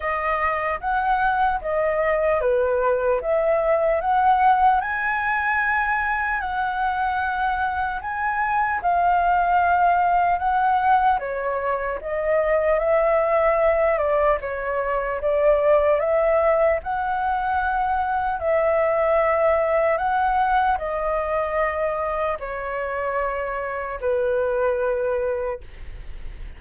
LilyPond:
\new Staff \with { instrumentName = "flute" } { \time 4/4 \tempo 4 = 75 dis''4 fis''4 dis''4 b'4 | e''4 fis''4 gis''2 | fis''2 gis''4 f''4~ | f''4 fis''4 cis''4 dis''4 |
e''4. d''8 cis''4 d''4 | e''4 fis''2 e''4~ | e''4 fis''4 dis''2 | cis''2 b'2 | }